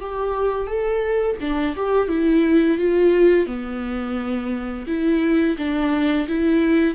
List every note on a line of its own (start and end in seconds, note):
0.00 0.67 G4
0.67 1.36 A4
1.40 1.75 D4
1.76 2.08 G4
2.08 2.77 E4
2.77 3.46 F4
3.46 4.86 B3
4.87 5.57 E4
5.58 6.27 D4
6.28 6.95 E4